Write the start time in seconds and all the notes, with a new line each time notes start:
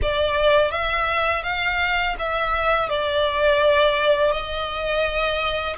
0.02 D5
0.71 E5
1.43 F5
2.19 E5
2.89 D5
4.31 D#5